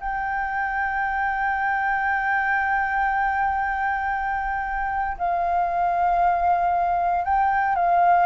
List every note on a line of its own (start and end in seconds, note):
0.00 5.17 G5
5.17 7.24 F5
7.24 7.75 G5
7.75 8.26 F5